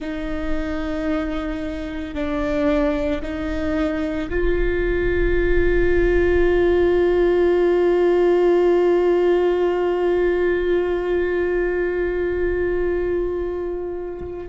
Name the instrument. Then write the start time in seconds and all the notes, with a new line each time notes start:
viola
0.00 D#4
2.14 D4
3.21 D#4
4.29 F4